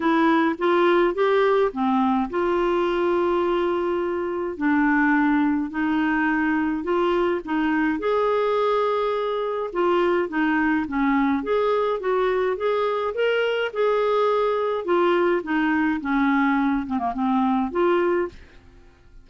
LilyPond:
\new Staff \with { instrumentName = "clarinet" } { \time 4/4 \tempo 4 = 105 e'4 f'4 g'4 c'4 | f'1 | d'2 dis'2 | f'4 dis'4 gis'2~ |
gis'4 f'4 dis'4 cis'4 | gis'4 fis'4 gis'4 ais'4 | gis'2 f'4 dis'4 | cis'4. c'16 ais16 c'4 f'4 | }